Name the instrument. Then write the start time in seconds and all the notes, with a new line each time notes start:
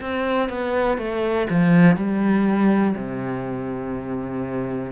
cello
0.00 C4
0.49 B3
0.97 A3
1.49 F3
1.96 G3
2.95 C3